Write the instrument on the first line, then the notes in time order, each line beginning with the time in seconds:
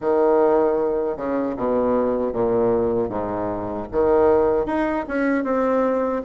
bassoon
0.00 D#3
1.16 C#3
1.56 B2
2.32 A#2
3.09 G#2
3.91 D#3
4.66 D#4
5.08 C#4
5.44 C4